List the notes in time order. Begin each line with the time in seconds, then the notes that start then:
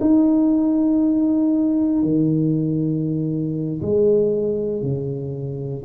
0.00 D#4
2.03 D#3
3.81 G#3
4.82 C#3